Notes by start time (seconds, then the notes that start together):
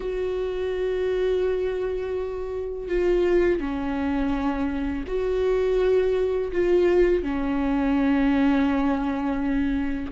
0.00 F#4
2.88 F4
3.59 C#4
5.07 F#4
6.52 F4
7.23 C#4